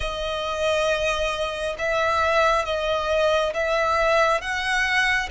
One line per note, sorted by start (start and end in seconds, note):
0.00 1.76 D#5
1.78 2.65 E5
2.65 3.53 D#5
3.53 4.41 E5
4.41 5.29 F#5